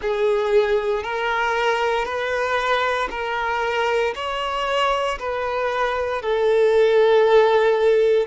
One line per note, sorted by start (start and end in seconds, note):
0.01 1.03 G#4
1.03 2.05 A#4
2.05 3.08 B4
3.10 4.14 A#4
4.15 5.18 C#5
5.19 6.22 B4
6.22 8.26 A4